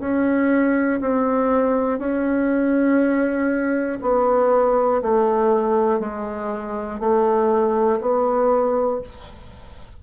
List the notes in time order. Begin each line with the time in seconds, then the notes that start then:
0.00 C#4
1.00 C4
1.99 C#4
4.01 B3
5.01 A3
6.00 G#3
6.99 A3
8.00 B3